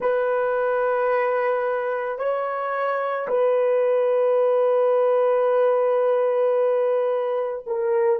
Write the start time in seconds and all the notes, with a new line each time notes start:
0.00 B4
2.18 C#5
3.28 B4
7.66 A#4